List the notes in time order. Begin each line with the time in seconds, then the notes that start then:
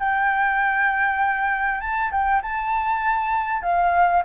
0.00 G5
1.81 A5
2.12 G5
2.43 A5
3.63 F5